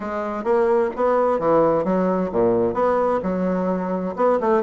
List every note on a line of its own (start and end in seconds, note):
0.00 0.43 G#3
0.43 0.90 A#3
0.96 1.39 B3
1.39 1.84 E3
1.84 2.30 F#3
2.32 2.73 A#2
2.73 3.20 B3
3.22 4.15 F#3
4.16 4.39 B3
4.40 4.62 A3